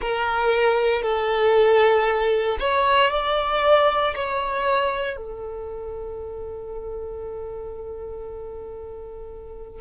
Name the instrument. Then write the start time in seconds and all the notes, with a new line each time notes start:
violin
0.00 A#4
1.02 A4
2.59 C#5
3.10 D5
4.15 C#5
5.16 A4